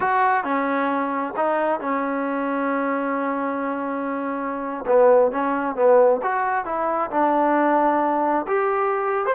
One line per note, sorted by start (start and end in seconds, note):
0.00 0.43 F#4
0.43 1.34 C#4
1.36 1.80 D#4
1.80 4.84 C#4
4.86 5.31 B3
5.31 5.75 C#4
5.75 6.20 B3
6.22 6.65 F#4
6.65 7.10 E4
7.10 8.46 D4
8.47 9.26 G4
9.26 9.34 C5